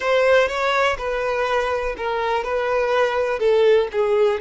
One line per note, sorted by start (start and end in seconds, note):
0.00 0.48 C5
0.48 0.96 C#5
0.98 1.95 B4
1.97 2.44 A#4
2.44 3.39 B4
3.39 3.88 A4
3.92 4.40 G#4